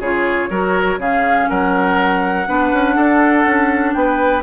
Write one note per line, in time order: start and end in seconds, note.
0.00 0.49 C#3
0.00 0.51 F4
0.00 0.49 G#4
0.00 1.00 C#5
0.51 0.98 F#3
0.51 1.00 F#4
0.51 1.00 A#4
0.98 1.47 C#3
0.98 2.47 C#4
0.98 1.50 G#4
0.98 1.49 F5
1.49 2.48 F#3
1.49 2.48 A#4
1.49 3.93 F#5
2.47 2.73 B3
2.47 4.43 D4
2.47 2.96 B4
2.73 2.97 C#4
2.96 3.45 D4
2.96 3.95 A4
3.45 3.95 C#4
3.93 4.43 B3
3.93 4.43 B4
3.93 4.42 G5